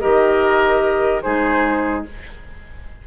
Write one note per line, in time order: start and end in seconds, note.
0.00 1.25 D#3
0.00 1.23 G4
0.00 1.23 A#4
0.00 1.22 D#5
1.22 2.07 G#3
1.22 2.05 D#4
1.22 2.05 G#4
1.22 2.03 C5